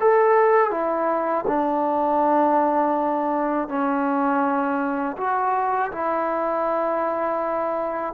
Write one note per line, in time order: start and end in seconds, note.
0.00 0.70 A4
0.70 1.44 E4
1.47 3.68 D4
3.68 5.16 C#4
5.16 5.91 F#4
5.91 8.13 E4